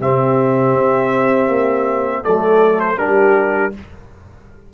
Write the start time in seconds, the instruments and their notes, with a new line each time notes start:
0.00 tuba C3, trombone C4, horn G4, trumpet E5
0.74 tuba C4
1.48 tuba A#3
2.23 tuba F#3, trombone A3, horn A4, trumpet D5
2.80 trumpet C5
2.97 tuba G3, trombone D4, horn G4, trumpet A#4